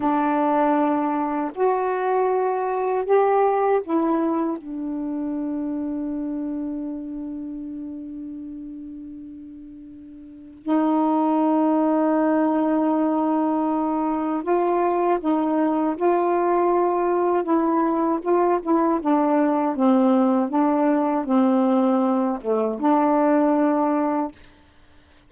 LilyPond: \new Staff \with { instrumentName = "saxophone" } { \time 4/4 \tempo 4 = 79 d'2 fis'2 | g'4 e'4 d'2~ | d'1~ | d'2 dis'2~ |
dis'2. f'4 | dis'4 f'2 e'4 | f'8 e'8 d'4 c'4 d'4 | c'4. a8 d'2 | }